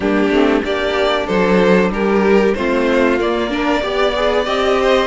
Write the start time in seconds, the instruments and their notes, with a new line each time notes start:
0.00 cello G3, viola A#3, violin D4 G4
0.30 cello A3, viola C4
0.61 cello A#3, viola D4, violin G4 D5
1.26 cello F#3, violin A4 C5
1.90 cello G3, violin G4 A#4
2.54 cello A3, viola C4, violin F4 C5
3.19 viola A#3, cello A#3, violin D5
3.49 viola D4, violin A#4
3.81 cello B3, viola G4, violin D5
4.16 viola G#4
4.45 cello C4, viola G4, violin D#5
4.80 violin C5